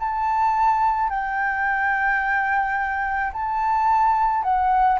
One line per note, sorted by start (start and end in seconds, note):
0.00 1.10 A5
1.10 3.32 G5
3.33 4.43 A5
4.43 4.99 F#5